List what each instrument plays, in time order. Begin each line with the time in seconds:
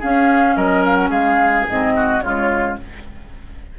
0.00 clarinet C#4, bassoon C#4, oboe G#4, flute F5
0.57 bassoon F#3, oboe A#4, flute D#5
0.86 flute F5
0.95 flute F#5
1.10 bassoon G#3, oboe G#4, flute F5
1.70 bassoon G#2, clarinet C4, flute D#5
1.97 oboe F#4
2.22 bassoon C#3, clarinet G#3, oboe F4, flute C#5